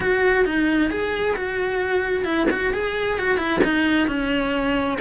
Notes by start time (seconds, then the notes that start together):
0.00 F#4
0.45 D#4
0.90 G#4
1.35 F#4
2.24 E4
2.50 F#4
2.73 G#4
3.19 F#4
3.37 E4
3.64 D#4
4.07 C#4